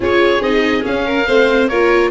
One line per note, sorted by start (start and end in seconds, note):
0.00 0.40 C#4
0.00 0.41 F4
0.00 1.05 G#4
0.00 0.42 C#5
0.40 0.82 C4
0.40 0.81 D#4
0.40 0.84 D#5
0.81 1.24 C#4
0.81 1.27 C#4
0.81 1.68 F5
1.05 1.26 A#4
1.27 1.69 A3
1.27 1.70 C4
1.27 1.69 C5
1.68 2.10 A#3
1.68 2.10 F4
1.68 2.10 A#4
1.68 2.10 C#5